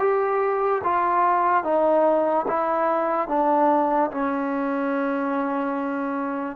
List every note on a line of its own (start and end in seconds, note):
0.00 0.82 G4
0.84 1.64 F4
1.64 2.46 D#4
2.48 3.29 E4
3.29 4.11 D4
4.11 6.56 C#4